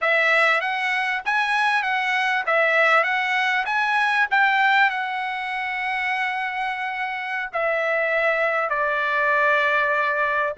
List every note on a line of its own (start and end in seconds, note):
0.01 0.60 E5
0.60 1.22 F#5
1.25 1.82 G#5
1.82 2.44 F#5
2.46 3.03 E5
3.03 3.64 F#5
3.65 4.27 G#5
4.31 4.90 G5
4.90 7.50 F#5
7.53 8.69 E5
8.69 10.53 D5